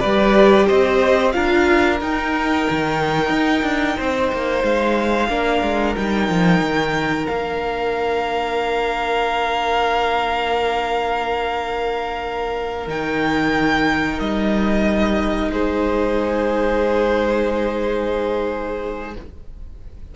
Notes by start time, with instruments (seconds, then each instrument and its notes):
0.00 cello G3, viola G4, violin B4 D5
0.67 cello C4, violin C5 D#5
1.32 cello D4, viola F4, violin A#4 F5
2.01 cello D#4, viola D#4, violin G5
2.70 cello D#3
3.30 cello D#4
3.63 cello D4
3.97 cello C4, violin C5
4.33 cello A#3
4.63 cello G#3, violin F5
5.29 cello A#3, viola D4, violin A#4
5.62 cello G#3
5.96 cello G3, viola D#4, violin G5
6.29 cello F3
6.61 cello D#3
7.27 cello A#3, viola D4, violin F5
12.88 cello D#3, viola D#4, violin G5
14.20 cello G3, violin D#5
15.52 cello G#3, violin G#4 C5